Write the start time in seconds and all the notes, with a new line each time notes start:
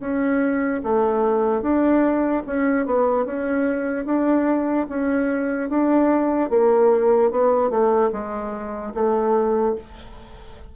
0.00 C#4
0.83 A3
1.61 D4
2.47 C#4
2.85 B3
3.25 C#4
4.05 D4
4.89 C#4
5.69 D4
6.49 A#3
7.31 B3
7.70 A3
8.12 G#3
8.94 A3